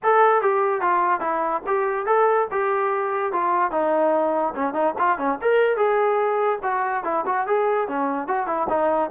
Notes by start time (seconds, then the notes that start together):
0.03 A4
0.41 G4
0.81 F4
1.20 E4
1.66 G4
2.06 A4
2.51 G4
3.32 F4
3.71 D#4
4.55 C#4
4.73 D#4
4.98 F4
5.18 C#4
5.41 A#4
5.76 G#4
6.62 F#4
7.04 E4
7.26 F#4
7.46 G#4
7.88 C#4
8.27 F#4
8.46 E4
8.69 D#4